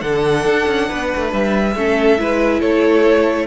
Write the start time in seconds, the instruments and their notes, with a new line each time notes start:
0.00 cello D3, viola D4, violin A4 F#5
0.45 cello D4
0.67 cello C#4
0.89 cello B3, violin B4
1.16 cello A3
1.33 cello G3, violin E5
1.76 cello A3, viola C#4, violin A4
2.18 cello G#3, viola E4, violin B4
2.61 cello A3, violin A4 C#5